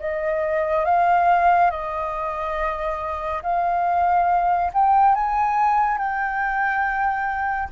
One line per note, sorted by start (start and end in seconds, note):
0.00 0.86 D#5
0.86 1.71 F5
1.71 3.42 D#5
3.43 4.72 F5
4.74 5.15 G5
5.15 5.98 G#5
5.98 7.69 G5